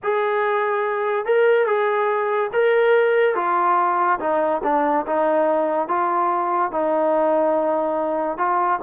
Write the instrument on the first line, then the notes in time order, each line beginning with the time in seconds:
trombone
0.03 G#4
1.25 A#4
1.66 G#4
2.53 A#4
3.35 F4
4.19 D#4
4.63 D4
5.06 D#4
5.87 F4
6.71 D#4
8.37 F4